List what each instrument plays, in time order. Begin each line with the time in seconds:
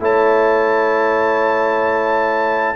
0.00 tuba A3, trombone E4, horn C#5, trumpet A5